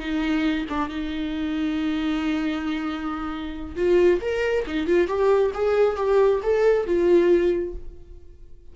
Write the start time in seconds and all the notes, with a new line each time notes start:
0.00 D#4
0.70 D4
0.89 D#4
3.77 F4
4.22 A#4
4.67 D#4
4.87 F4
5.08 G4
5.54 G#4
5.97 G4
6.43 A4
6.87 F4